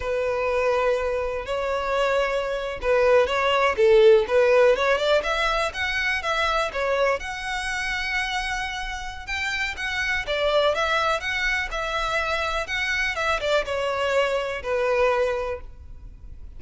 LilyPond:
\new Staff \with { instrumentName = "violin" } { \time 4/4 \tempo 4 = 123 b'2. cis''4~ | cis''4.~ cis''16 b'4 cis''4 a'16~ | a'8. b'4 cis''8 d''8 e''4 fis''16~ | fis''8. e''4 cis''4 fis''4~ fis''16~ |
fis''2. g''4 | fis''4 d''4 e''4 fis''4 | e''2 fis''4 e''8 d''8 | cis''2 b'2 | }